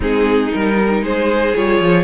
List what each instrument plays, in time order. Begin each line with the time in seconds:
0.00 cello G#3, viola C4, violin D#4 G#4
0.52 cello G3, viola D#4, violin A#4
1.01 cello G#3, violin G#4 C5
1.55 cello G3, viola F4, violin C#5
1.80 cello F3